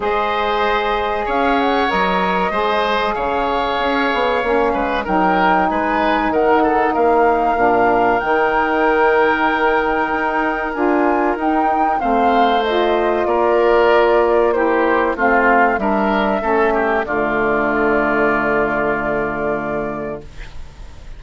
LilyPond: <<
  \new Staff \with { instrumentName = "flute" } { \time 4/4 \tempo 4 = 95 dis''2 f''8 fis''8 dis''4~ | dis''4 f''2. | g''4 gis''4 fis''4 f''4~ | f''4 g''2.~ |
g''4 gis''4 g''4 f''4 | dis''4 d''2 c''4 | f''4 e''2 d''4~ | d''1 | }
  \new Staff \with { instrumentName = "oboe" } { \time 4/4 c''2 cis''2 | c''4 cis''2~ cis''8 b'8 | ais'4 b'4 ais'8 a'8 ais'4~ | ais'1~ |
ais'2. c''4~ | c''4 ais'2 g'4 | f'4 ais'4 a'8 g'8 f'4~ | f'1 | }
  \new Staff \with { instrumentName = "saxophone" } { \time 4/4 gis'2. ais'4 | gis'2. cis'4 | dis'1 | d'4 dis'2.~ |
dis'4 f'4 dis'4 c'4 | f'2. e'4 | c'4 d'4 cis'4 a4~ | a1 | }
  \new Staff \with { instrumentName = "bassoon" } { \time 4/4 gis2 cis'4 fis4 | gis4 cis4 cis'8 b8 ais8 gis8 | fis4 gis4 dis4 ais4 | ais,4 dis2. |
dis'4 d'4 dis'4 a4~ | a4 ais2. | a4 g4 a4 d4~ | d1 | }
>>